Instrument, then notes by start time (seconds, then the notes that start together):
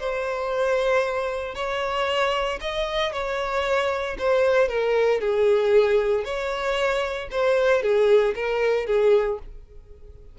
violin
0.00 C5
1.55 C#5
2.61 D#5
3.13 C#5
4.19 C5
4.69 A#4
5.21 G#4
6.24 C#5
7.31 C5
7.83 G#4
8.35 A#4
8.87 G#4